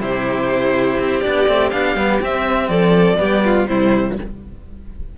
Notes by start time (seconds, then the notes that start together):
0.00 C3 E4 G4 C5
0.99 C4
1.21 D4 D5
1.27 B3
1.48 A3 C4
1.70 B3 D4 F5
1.95 G3 B3
2.21 C4 E5
2.68 F3 A4 D5
3.17 G3 B3 G4
3.45 F4
3.66 C3 G3 E4 C5